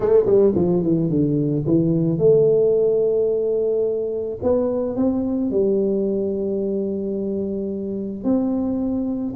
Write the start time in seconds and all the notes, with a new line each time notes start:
0.00 A3
0.26 G3
0.55 F3
0.83 E3
1.10 D3
1.66 E3
2.18 A3
4.42 B3
4.96 C4
5.50 G3
8.23 C4